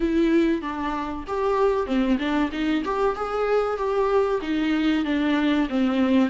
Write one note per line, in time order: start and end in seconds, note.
0.00 0.61 E4
0.61 1.25 D4
1.27 1.86 G4
1.86 2.18 C4
2.18 2.50 D4
2.52 2.83 D#4
2.84 3.16 G4
3.16 3.77 G#4
3.77 4.40 G4
4.41 5.04 D#4
5.04 5.68 D4
5.69 6.29 C4